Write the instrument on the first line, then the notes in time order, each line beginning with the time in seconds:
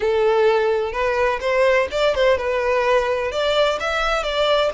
violin
0.00 A4
0.92 B4
1.40 C5
1.91 D5
2.14 C5
2.37 B4
3.31 D5
3.79 E5
4.23 D5